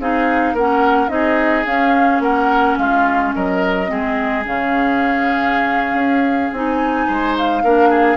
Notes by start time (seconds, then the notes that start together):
0.00 C4 D#4 G#4 F5
0.53 A#3 C#4 A#4 F#5
1.09 C4 D#4 G#4 D#5
1.66 C#4 F5
2.20 A#3 A#4 F#5
2.78 G#3 F4 F5
3.34 F#3 A#4 D#5
3.88 G#3 C4 G#4
4.45 C#3 C#4 F5
5.94 C#4
6.52 C4 D#4 G#5
7.07 G#3 C5
7.38 F5
7.63 A#3 D4 A#4
7.90 G#4